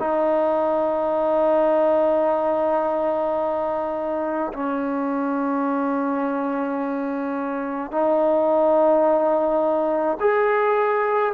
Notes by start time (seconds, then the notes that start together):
0.00 D#4
4.53 C#4
7.92 D#4
10.20 G#4